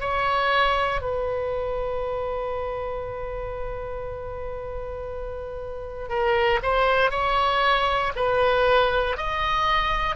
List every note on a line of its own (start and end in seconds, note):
0.00 1.01 C#5
1.01 6.09 B4
6.09 6.60 A#4
6.62 7.10 C5
7.10 8.12 C#5
8.16 9.17 B4
9.17 10.16 D#5